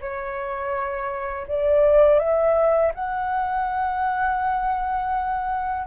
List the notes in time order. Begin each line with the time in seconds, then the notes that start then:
0.00 C#5
1.47 D5
2.19 E5
2.94 F#5